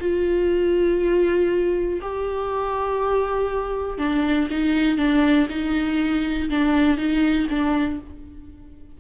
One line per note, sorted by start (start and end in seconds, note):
0.00 2.00 F4
2.02 3.98 G4
3.98 4.48 D4
4.50 4.97 D#4
4.97 5.47 D4
5.49 6.49 D#4
6.50 6.97 D4
6.97 7.47 D#4
7.50 8.00 D4